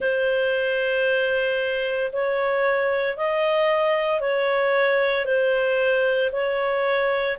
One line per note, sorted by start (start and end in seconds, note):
0.00 2.11 C5
2.12 3.16 C#5
3.16 4.20 D#5
4.20 5.25 C#5
5.25 6.30 C5
6.32 7.37 C#5